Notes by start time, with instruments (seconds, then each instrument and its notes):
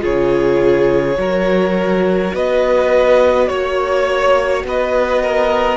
0.00 cello C#3, viola F4, violin G#4 C#5
1.16 cello F#3, viola F#4, violin A#4
2.33 cello B3, violin B4 D#5
3.47 cello A#3, violin C#5
4.64 cello B3, violin B4 D#5
5.22 violin A#4